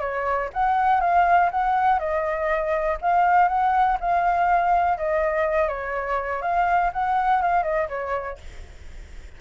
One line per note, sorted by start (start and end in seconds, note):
0.00 0.49 C#5
0.53 1.01 F#5
1.01 1.50 F5
1.51 1.99 F#5
1.99 2.98 D#5
3.01 3.48 F5
3.48 3.97 F#5
4.00 4.98 F5
4.98 5.68 D#5
5.68 6.42 C#5
6.42 6.91 F5
6.93 7.42 F#5
7.42 7.63 F5
7.63 7.88 D#5
7.89 8.38 C#5